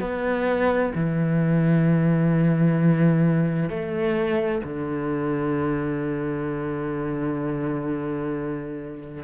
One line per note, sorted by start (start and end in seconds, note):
0.00 0.92 B3
0.96 3.70 E3
3.70 4.62 A3
4.64 9.24 D3